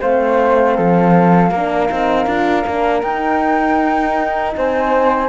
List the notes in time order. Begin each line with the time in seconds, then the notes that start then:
0.00 A3 C4 C5 F5
0.76 F3 A4
1.50 A#3 D4 A#4
1.89 C4 D#4
2.26 D4 F4
2.67 A#3 D4
3.01 D#4 G5
4.57 C4 C5 G#5